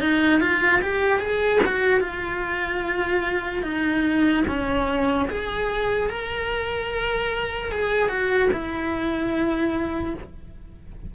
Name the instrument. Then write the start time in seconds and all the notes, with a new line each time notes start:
cello
0.00 D#4
0.41 F4
0.82 G4
1.20 G#4
1.66 F#4
2.00 F4
3.63 D#4
4.47 C#4
5.30 G#4
6.10 A#4
7.72 G#4
8.09 F#4
8.52 E4